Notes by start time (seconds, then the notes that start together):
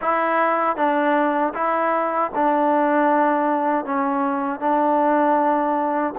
0.01 E4
0.76 D4
1.54 E4
2.34 D4
3.85 C#4
4.60 D4